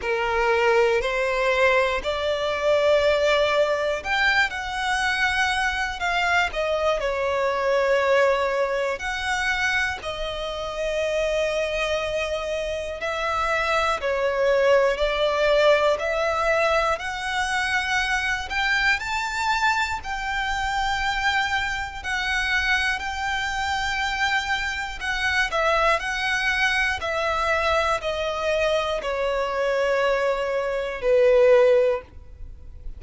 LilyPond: \new Staff \with { instrumentName = "violin" } { \time 4/4 \tempo 4 = 60 ais'4 c''4 d''2 | g''8 fis''4. f''8 dis''8 cis''4~ | cis''4 fis''4 dis''2~ | dis''4 e''4 cis''4 d''4 |
e''4 fis''4. g''8 a''4 | g''2 fis''4 g''4~ | g''4 fis''8 e''8 fis''4 e''4 | dis''4 cis''2 b'4 | }